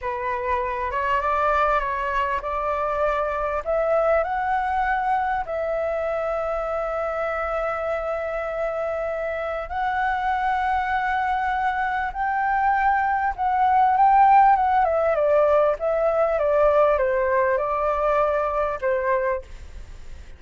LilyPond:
\new Staff \with { instrumentName = "flute" } { \time 4/4 \tempo 4 = 99 b'4. cis''8 d''4 cis''4 | d''2 e''4 fis''4~ | fis''4 e''2.~ | e''1 |
fis''1 | g''2 fis''4 g''4 | fis''8 e''8 d''4 e''4 d''4 | c''4 d''2 c''4 | }